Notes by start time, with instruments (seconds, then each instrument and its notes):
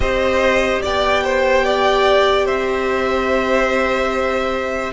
0.00 cello C4, viola G4, violin C5 D#5
0.82 cello B3, violin D5 G5
1.23 violin C5
1.65 violin D5
2.45 cello C4, violin C5 E5